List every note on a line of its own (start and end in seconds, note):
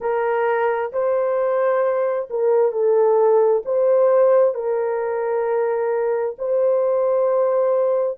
0.00 0.91 A#4
0.92 2.29 C5
2.30 2.71 A#4
2.71 3.62 A4
3.65 4.54 C5
4.54 6.36 A#4
6.38 8.18 C5